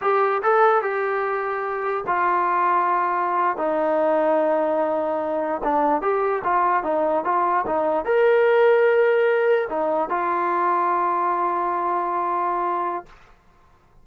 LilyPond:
\new Staff \with { instrumentName = "trombone" } { \time 4/4 \tempo 4 = 147 g'4 a'4 g'2~ | g'4 f'2.~ | f'8. dis'2.~ dis'16~ | dis'4.~ dis'16 d'4 g'4 f'16~ |
f'8. dis'4 f'4 dis'4 ais'16~ | ais'2.~ ais'8. dis'16~ | dis'8. f'2.~ f'16~ | f'1 | }